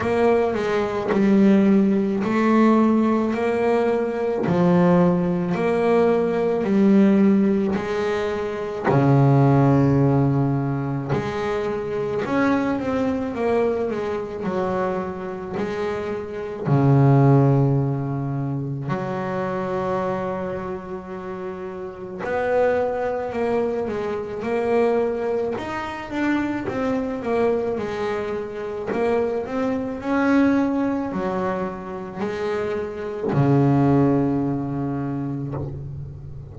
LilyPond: \new Staff \with { instrumentName = "double bass" } { \time 4/4 \tempo 4 = 54 ais8 gis8 g4 a4 ais4 | f4 ais4 g4 gis4 | cis2 gis4 cis'8 c'8 | ais8 gis8 fis4 gis4 cis4~ |
cis4 fis2. | b4 ais8 gis8 ais4 dis'8 d'8 | c'8 ais8 gis4 ais8 c'8 cis'4 | fis4 gis4 cis2 | }